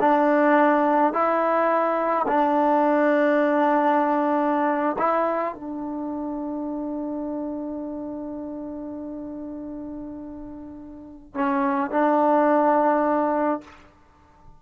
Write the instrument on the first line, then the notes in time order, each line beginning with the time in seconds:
trombone
0.00 D4
1.13 E4
2.27 D4
4.98 E4
5.54 D4
11.34 C#4
11.91 D4